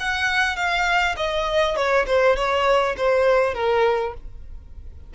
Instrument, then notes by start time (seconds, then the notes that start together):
violin
0.00 F#5
0.56 F5
1.17 D#5
1.76 C#5
2.07 C5
2.36 C#5
2.97 C5
3.55 A#4